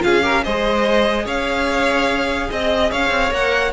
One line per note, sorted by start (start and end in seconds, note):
0.00 0.46 C#4
0.00 0.21 F4
0.00 0.23 G#4
0.00 0.44 F5
0.22 0.43 G4
0.22 0.44 A#4
0.44 1.26 G#3
0.44 3.31 G#4
0.44 1.25 C5
0.44 1.26 D#5
1.25 2.49 C#4
1.25 2.48 C#5
1.25 2.51 F5
2.50 2.92 C4
2.50 2.91 D#5
2.50 2.92 D#5
2.91 3.10 C#4
2.91 3.73 C#5
2.91 3.33 F5
3.10 3.31 C4
3.31 3.73 A#3
3.31 3.72 A#4
3.31 3.73 F#5